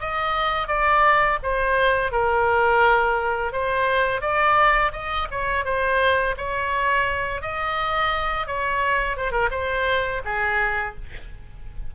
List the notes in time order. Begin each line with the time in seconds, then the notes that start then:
0.00 D#5
0.68 D5
1.43 C5
2.12 A#4
3.53 C5
4.21 D5
4.93 D#5
5.31 C#5
5.65 C5
6.38 C#5
7.42 D#5
8.47 C#5
9.17 C5
9.32 A#4
9.51 C5
10.25 G#4